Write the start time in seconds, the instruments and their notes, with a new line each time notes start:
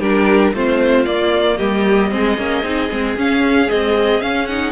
0.00 cello G3, viola D4, violin G4 A#4
0.53 cello A3, viola C4, violin F4 C5
1.05 viola A#3, cello A#3, violin D5
1.57 cello G3, violin G4 D#5
2.11 cello G#3, viola C4, violin G#4
2.37 cello A#3, viola C#4
2.63 cello C4, viola D#4
2.91 cello G#3, viola C4
3.16 cello C#4, viola C#4, violin F5
3.67 viola G#3, cello C4, violin D#5
4.21 viola C#4, cello C#4, violin F5
4.47 viola D#4, violin F#5